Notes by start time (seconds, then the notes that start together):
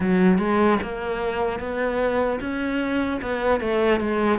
0.00 F#3
0.38 G#3
0.82 A#3
1.59 B3
2.40 C#4
3.21 B3
3.60 A3
4.00 G#3